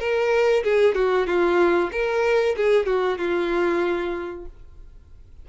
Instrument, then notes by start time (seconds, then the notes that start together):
violin
0.00 A#4
0.64 G#4
0.95 F#4
1.27 F4
1.92 A#4
2.57 G#4
2.87 F#4
3.18 F4